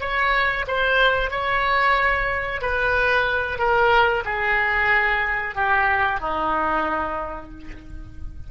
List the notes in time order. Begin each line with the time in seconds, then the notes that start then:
0.00 C#5
0.67 C5
1.30 C#5
2.61 B4
3.58 A#4
4.25 G#4
5.54 G4
6.20 D#4